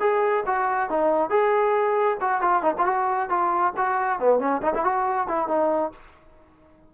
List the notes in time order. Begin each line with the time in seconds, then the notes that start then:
0.00 G#4
0.46 F#4
0.90 D#4
1.30 G#4
2.21 F#4
2.41 F4
2.63 D#4
2.78 F4
2.86 F#4
3.29 F4
3.77 F#4
4.19 B3
4.40 C#4
4.62 D#4
4.75 E4
4.84 F#4
5.28 E4
5.48 D#4